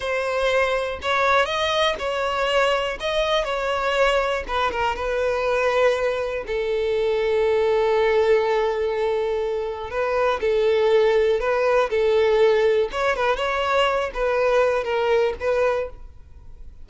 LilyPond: \new Staff \with { instrumentName = "violin" } { \time 4/4 \tempo 4 = 121 c''2 cis''4 dis''4 | cis''2 dis''4 cis''4~ | cis''4 b'8 ais'8 b'2~ | b'4 a'2.~ |
a'1 | b'4 a'2 b'4 | a'2 cis''8 b'8 cis''4~ | cis''8 b'4. ais'4 b'4 | }